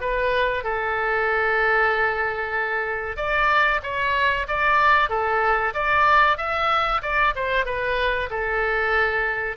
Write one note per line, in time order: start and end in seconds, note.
0.00 0.63 B4
0.63 3.16 A4
3.16 3.80 D5
3.82 4.46 C#5
4.47 5.09 D5
5.09 5.73 A4
5.73 6.37 D5
6.37 7.01 E5
7.02 7.34 D5
7.35 7.65 C5
7.65 8.29 B4
8.29 9.56 A4